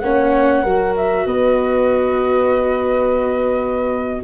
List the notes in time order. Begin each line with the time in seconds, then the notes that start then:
0.00 A#3 C#4 C#5 F#5
0.62 F#3 F#4 A#4
0.96 E5
1.26 B3 B4 D#5